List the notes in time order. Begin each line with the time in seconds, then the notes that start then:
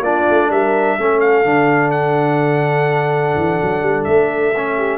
0.00 A#3 D4 F4 D5
0.30 A3
0.50 G3 A#4 E5
0.98 A3 C#4 A4
1.20 F5
1.45 D3 D4
1.91 F#5
3.36 E3
3.62 F#3
3.82 G3
4.04 A3 E5
4.56 C#4
4.77 G4